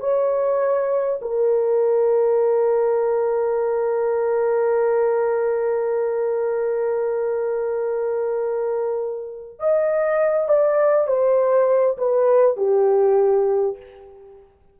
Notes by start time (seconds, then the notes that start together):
0.00 C#5
1.22 A#4
9.59 D#5
10.48 D5
11.07 C5
11.98 B4
12.57 G4